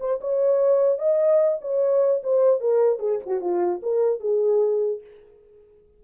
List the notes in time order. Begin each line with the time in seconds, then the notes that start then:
0.00 C5
0.21 C#5
0.98 D#5
1.61 C#5
2.23 C5
2.60 A#4
2.99 G#4
3.26 F#4
3.41 F4
3.82 A#4
4.20 G#4